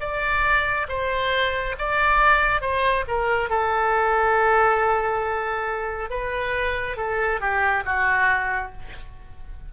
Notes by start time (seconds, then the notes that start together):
0.00 D5
0.89 C5
1.78 D5
2.61 C5
3.08 A#4
3.50 A4
6.10 B4
6.97 A4
7.40 G4
7.85 F#4